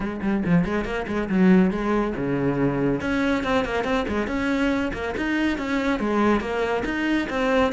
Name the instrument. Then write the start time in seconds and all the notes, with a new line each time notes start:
cello
0.00 G#3
0.21 G3
0.45 F3
0.64 G#3
0.84 A#3
1.07 G#3
1.29 F#3
1.70 G#3
2.16 C#3
3.00 C#4
3.43 C4
3.64 A#3
3.84 C4
4.08 G#3
4.27 C#4
4.93 A#3
5.16 D#4
5.58 C#4
5.99 G#3
6.40 A#3
6.85 D#4
7.29 C4